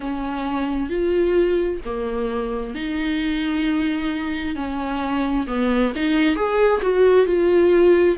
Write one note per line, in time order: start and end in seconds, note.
0.00 0.89 C#4
0.89 1.80 F4
1.84 2.74 A#3
2.74 4.55 D#4
4.55 5.46 C#4
5.47 5.92 B3
5.95 6.35 D#4
6.35 6.81 G#4
6.81 7.26 F#4
7.26 8.17 F4